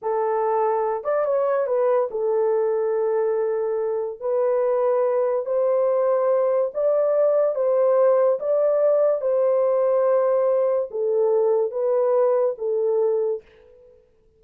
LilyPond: \new Staff \with { instrumentName = "horn" } { \time 4/4 \tempo 4 = 143 a'2~ a'8 d''8 cis''4 | b'4 a'2.~ | a'2 b'2~ | b'4 c''2. |
d''2 c''2 | d''2 c''2~ | c''2 a'2 | b'2 a'2 | }